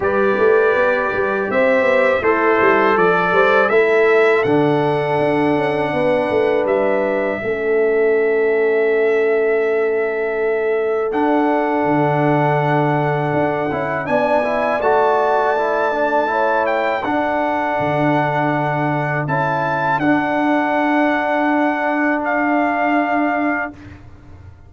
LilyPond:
<<
  \new Staff \with { instrumentName = "trumpet" } { \time 4/4 \tempo 4 = 81 d''2 e''4 c''4 | d''4 e''4 fis''2~ | fis''4 e''2.~ | e''2. fis''4~ |
fis''2. gis''4 | a''2~ a''8 g''8 fis''4~ | fis''2 a''4 fis''4~ | fis''2 f''2 | }
  \new Staff \with { instrumentName = "horn" } { \time 4/4 b'2 c''4 e'4 | a'8 c''8 a'2. | b'2 a'2~ | a'1~ |
a'2. d''4~ | d''2 cis''4 a'4~ | a'1~ | a'1 | }
  \new Staff \with { instrumentName = "trombone" } { \time 4/4 g'2. a'4~ | a'4 e'4 d'2~ | d'2 cis'2~ | cis'2. d'4~ |
d'2~ d'8 e'8 d'8 e'8 | fis'4 e'8 d'8 e'4 d'4~ | d'2 e'4 d'4~ | d'1 | }
  \new Staff \with { instrumentName = "tuba" } { \time 4/4 g8 a8 b8 g8 c'8 b8 a8 g8 | f8 g8 a4 d4 d'8 cis'8 | b8 a8 g4 a2~ | a2. d'4 |
d2 d'8 cis'8 b4 | a2. d'4 | d2 cis'4 d'4~ | d'1 | }
>>